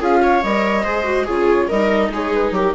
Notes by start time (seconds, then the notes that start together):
0.00 C#4 F4 G#4 F5
0.22 C#5
0.43 G3 A#4 D#5
0.84 G#3 G#4 C5
1.04 F#4
1.24 C#3 F4 G#4 C#5
1.68 G3 D#4 A#4 D#5
2.10 G#3 G#4 C#5
2.33 B4
2.51 F#3 G4 A#4